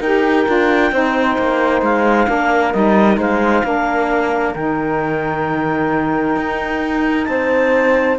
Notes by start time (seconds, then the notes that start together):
0.00 D#4 G4 A#4 G5
0.46 D4 F4
0.91 C4 D#4 C5
1.38 A#3
1.81 G#3 F5
2.27 A#3 D4 A#4
2.73 G3 D#4 D#5
3.17 G#3 C5 F5
3.63 A#3 D4 A#4
4.53 D#3 D#4 G5
6.36 D#4
7.24 C4 C5 A5